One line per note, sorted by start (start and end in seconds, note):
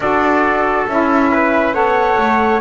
0.00 0.86 D4
0.00 0.88 F#4
0.00 1.31 A4
0.00 0.86 D5
0.86 1.73 C#4
0.86 1.73 E4
0.86 1.73 E5
1.31 1.74 B4
1.73 2.17 B3
1.73 2.60 A4
1.73 2.60 C#5
1.73 2.60 F#5
2.17 2.60 A3